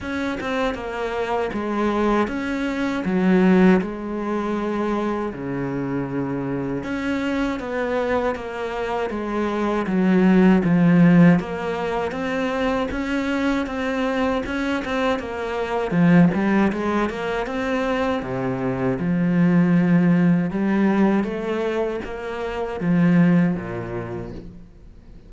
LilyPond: \new Staff \with { instrumentName = "cello" } { \time 4/4 \tempo 4 = 79 cis'8 c'8 ais4 gis4 cis'4 | fis4 gis2 cis4~ | cis4 cis'4 b4 ais4 | gis4 fis4 f4 ais4 |
c'4 cis'4 c'4 cis'8 c'8 | ais4 f8 g8 gis8 ais8 c'4 | c4 f2 g4 | a4 ais4 f4 ais,4 | }